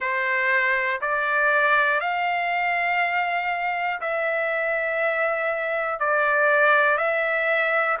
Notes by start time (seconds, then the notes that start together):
0.00 C5
1.00 D5
2.00 F5
4.00 E5
5.99 D5
6.97 E5